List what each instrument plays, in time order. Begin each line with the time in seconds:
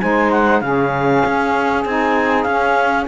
0.00 cello G#3, saxophone D#4 C5, clarinet G#5
0.31 clarinet F#5
0.60 cello C#3, saxophone C#4 G#4, clarinet F5
1.26 cello C#4
1.85 cello C4, saxophone D#4, clarinet G#5
2.43 cello C#4, saxophone C#4, clarinet F5